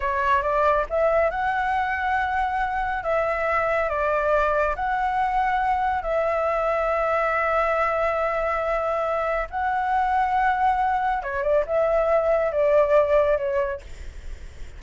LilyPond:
\new Staff \with { instrumentName = "flute" } { \time 4/4 \tempo 4 = 139 cis''4 d''4 e''4 fis''4~ | fis''2. e''4~ | e''4 d''2 fis''4~ | fis''2 e''2~ |
e''1~ | e''2 fis''2~ | fis''2 cis''8 d''8 e''4~ | e''4 d''2 cis''4 | }